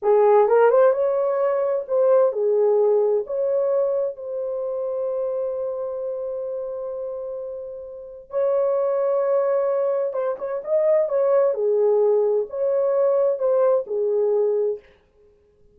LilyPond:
\new Staff \with { instrumentName = "horn" } { \time 4/4 \tempo 4 = 130 gis'4 ais'8 c''8 cis''2 | c''4 gis'2 cis''4~ | cis''4 c''2.~ | c''1~ |
c''2 cis''2~ | cis''2 c''8 cis''8 dis''4 | cis''4 gis'2 cis''4~ | cis''4 c''4 gis'2 | }